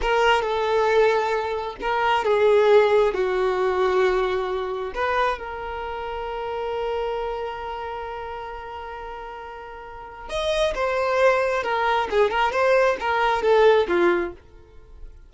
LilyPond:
\new Staff \with { instrumentName = "violin" } { \time 4/4 \tempo 4 = 134 ais'4 a'2. | ais'4 gis'2 fis'4~ | fis'2. b'4 | ais'1~ |
ais'1~ | ais'2. dis''4 | c''2 ais'4 gis'8 ais'8 | c''4 ais'4 a'4 f'4 | }